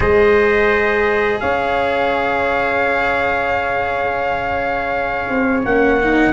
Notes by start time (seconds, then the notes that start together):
0.00 G#3 G#4 C5 D#5
1.39 C#4 C#5 F5
5.29 C4
5.65 A#3 C#4 F#5
6.01 D#4